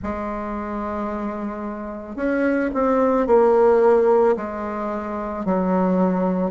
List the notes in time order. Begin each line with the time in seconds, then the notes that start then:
0.02 G#3
2.15 C#4
2.73 C4
3.27 A#3
4.36 G#3
5.45 F#3